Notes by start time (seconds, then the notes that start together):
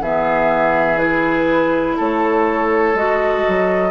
0.00 E3 B3 G#4 E5
0.98 E4 B4
1.97 A3 A4 C#5
2.94 G#3 F#4 D#5
3.48 F#3